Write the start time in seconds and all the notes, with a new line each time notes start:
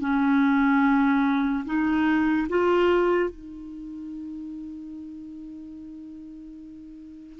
0.00 C#4
1.65 D#4
2.49 F4
3.30 D#4